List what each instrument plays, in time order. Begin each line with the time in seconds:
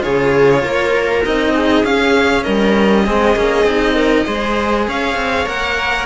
0.00 cello C#3 F4, viola G#4, violin C#5
0.63 cello A#3, viola A#4
1.24 cello C4 D#4, violin D#5
1.55 viola G#4
1.84 cello C#4, violin F5
2.43 cello G3, viola A#4, violin D#5
3.06 cello G#3 C4, viola G#4
3.35 cello A#3 C#4
3.63 cello C4 D#4
3.95 viola A#4
4.26 cello G#3 G#4, viola C5
4.88 cello C#4, viola C#5, violin F5
5.15 cello C4
5.46 cello A#3 A#4, violin F#5